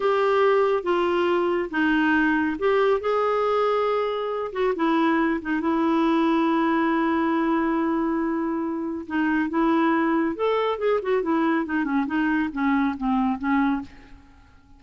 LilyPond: \new Staff \with { instrumentName = "clarinet" } { \time 4/4 \tempo 4 = 139 g'2 f'2 | dis'2 g'4 gis'4~ | gis'2~ gis'8 fis'8 e'4~ | e'8 dis'8 e'2.~ |
e'1~ | e'4 dis'4 e'2 | a'4 gis'8 fis'8 e'4 dis'8 cis'8 | dis'4 cis'4 c'4 cis'4 | }